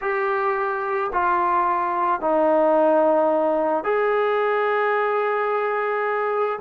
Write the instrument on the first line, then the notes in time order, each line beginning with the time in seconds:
trombone
0.01 G4
1.12 F4
2.20 D#4
3.84 G#4